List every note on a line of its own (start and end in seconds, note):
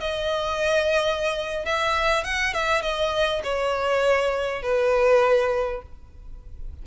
0.00 1.65 D#5
1.65 2.24 E5
2.24 2.54 F#5
2.54 2.82 E5
2.82 3.42 D#5
3.43 4.62 C#5
4.62 5.82 B4